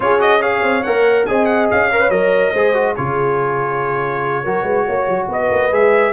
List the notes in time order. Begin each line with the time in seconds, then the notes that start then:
0.00 C#4 F4 G#4 C#5
0.18 F#4 D#5
0.40 G#4 C#5 F5
0.62 C4
0.83 A#3 A#4 F#5
1.26 C4 G#4 D#5 G#5
1.45 F#5
1.71 C#4 F5
1.91 A#4 C#5
2.00 B4
2.09 F#3 A#4 D#5
2.52 G#3 G#4 C5
2.73 F#4
2.96 C#3 F4 G#4 C#5
4.43 F#3 F#4 A#4
4.63 G#3 B4
4.86 A#3 C#5
5.07 F#3
5.28 B3 B4 D#5
5.50 A#3
5.71 G#3 G#4 E5